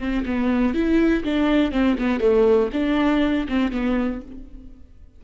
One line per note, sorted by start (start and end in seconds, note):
0.00 0.25 C4
0.26 0.75 B3
0.75 1.24 E4
1.24 1.72 D4
1.72 1.97 C4
1.99 2.21 B3
2.21 2.70 A3
2.73 3.48 D4
3.49 3.72 C4
3.72 4.22 B3